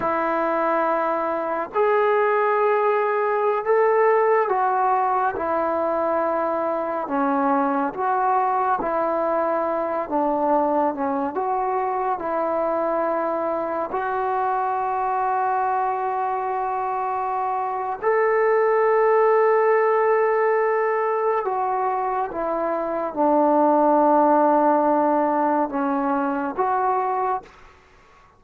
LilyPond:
\new Staff \with { instrumentName = "trombone" } { \time 4/4 \tempo 4 = 70 e'2 gis'2~ | gis'16 a'4 fis'4 e'4.~ e'16~ | e'16 cis'4 fis'4 e'4. d'16~ | d'8. cis'8 fis'4 e'4.~ e'16~ |
e'16 fis'2.~ fis'8.~ | fis'4 a'2.~ | a'4 fis'4 e'4 d'4~ | d'2 cis'4 fis'4 | }